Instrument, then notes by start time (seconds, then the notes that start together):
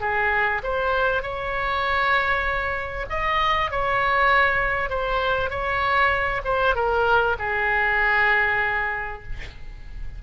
oboe
0.00 G#4
0.63 C5
1.22 C#5
3.09 D#5
3.70 C#5
4.89 C5
5.49 C#5
6.44 C5
6.75 A#4
7.39 G#4